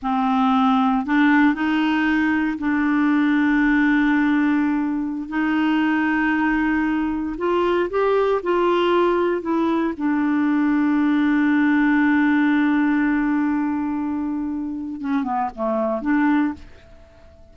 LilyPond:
\new Staff \with { instrumentName = "clarinet" } { \time 4/4 \tempo 4 = 116 c'2 d'4 dis'4~ | dis'4 d'2.~ | d'2~ d'16 dis'4.~ dis'16~ | dis'2~ dis'16 f'4 g'8.~ |
g'16 f'2 e'4 d'8.~ | d'1~ | d'1~ | d'4 cis'8 b8 a4 d'4 | }